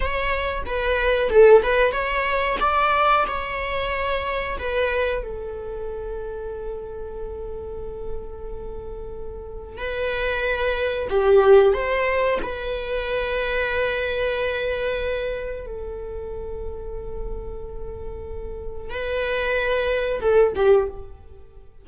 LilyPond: \new Staff \with { instrumentName = "viola" } { \time 4/4 \tempo 4 = 92 cis''4 b'4 a'8 b'8 cis''4 | d''4 cis''2 b'4 | a'1~ | a'2. b'4~ |
b'4 g'4 c''4 b'4~ | b'1 | a'1~ | a'4 b'2 a'8 g'8 | }